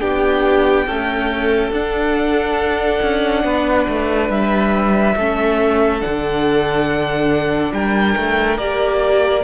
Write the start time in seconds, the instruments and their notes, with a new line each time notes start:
0.00 cello B3, viola D4, violin G4 G5
0.87 viola A3, cello C#4, violin A4
1.72 cello D4, viola D4, violin F#5
3.02 cello C#4
3.44 cello B3, violin B4
3.88 cello A3
4.29 cello G3, violin E5
5.16 cello A3, viola C#4, violin A4
6.01 cello D3, viola D4, violin F#5
7.72 cello G3, violin A#4 G5
8.17 cello A3
8.58 cello A#3, viola G4, violin D5